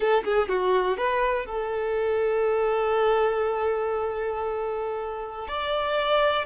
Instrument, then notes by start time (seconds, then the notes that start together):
violin
0.00 A4
0.24 G#4
0.48 F#4
0.97 B4
1.46 A4
5.47 D5